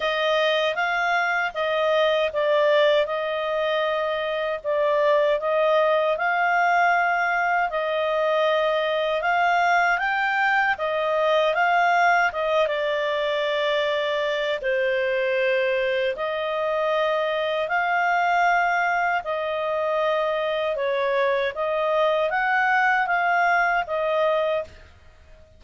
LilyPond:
\new Staff \with { instrumentName = "clarinet" } { \time 4/4 \tempo 4 = 78 dis''4 f''4 dis''4 d''4 | dis''2 d''4 dis''4 | f''2 dis''2 | f''4 g''4 dis''4 f''4 |
dis''8 d''2~ d''8 c''4~ | c''4 dis''2 f''4~ | f''4 dis''2 cis''4 | dis''4 fis''4 f''4 dis''4 | }